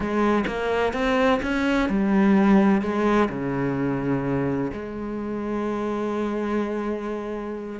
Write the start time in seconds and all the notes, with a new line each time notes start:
0.00 G#3
0.46 A#3
0.93 C4
1.42 C#4
1.89 G3
2.81 G#3
3.29 C#3
4.72 G#3